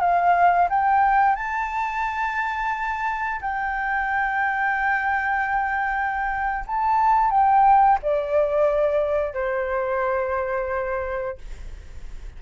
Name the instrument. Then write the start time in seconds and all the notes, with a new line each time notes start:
flute
0.00 F5
0.69 G5
1.35 A5
3.41 G5
6.67 A5
7.30 G5
8.02 D5
9.33 C5